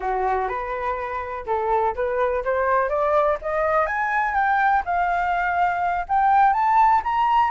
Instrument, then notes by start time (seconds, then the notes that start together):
flute
0.00 F#4
0.48 B4
1.46 A4
1.95 B4
2.44 C5
2.89 D5
3.41 D#5
3.86 G#5
4.34 G5
4.85 F5
6.08 G5
6.53 A5
7.04 A#5